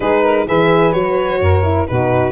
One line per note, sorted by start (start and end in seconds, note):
0.00 0.47 G#3
0.00 0.46 D#4
0.00 0.23 G#4
0.00 0.47 B4
0.23 0.46 A#4
0.46 0.94 E3
0.46 0.93 G#4
0.46 1.41 B4
0.46 0.92 E5
0.92 1.40 F#3
0.92 1.63 F#4
0.92 1.86 C#5
1.40 1.87 F#2
1.40 1.88 A#4
1.63 1.86 E4
1.86 2.32 B2
1.86 2.32 D#4
1.86 2.32 F#4
1.86 2.32 B4